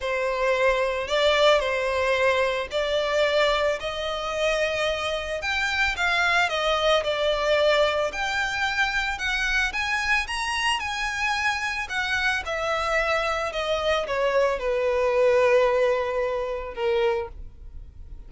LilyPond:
\new Staff \with { instrumentName = "violin" } { \time 4/4 \tempo 4 = 111 c''2 d''4 c''4~ | c''4 d''2 dis''4~ | dis''2 g''4 f''4 | dis''4 d''2 g''4~ |
g''4 fis''4 gis''4 ais''4 | gis''2 fis''4 e''4~ | e''4 dis''4 cis''4 b'4~ | b'2. ais'4 | }